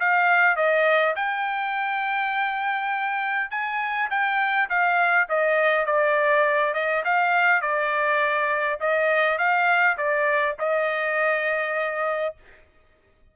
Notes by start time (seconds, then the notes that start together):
0.00 F5
0.56 D#5
1.16 G5
3.51 G#5
4.10 G5
4.70 F5
5.29 D#5
5.86 D5
6.74 D#5
7.05 F5
7.61 D5
8.80 D#5
9.38 F5
9.97 D5
10.59 D#5